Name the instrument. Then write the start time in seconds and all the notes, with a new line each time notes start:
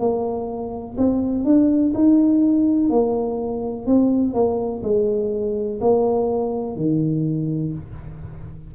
tuba
0.00 A#3
0.98 C4
1.45 D4
1.95 D#4
2.90 A#3
3.87 C4
4.34 A#3
4.83 G#3
5.81 A#3
6.77 D#3